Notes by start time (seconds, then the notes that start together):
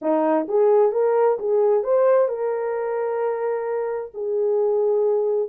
0.01 D#4
0.47 G#4
0.92 A#4
1.39 G#4
1.83 C5
2.28 A#4
4.13 G#4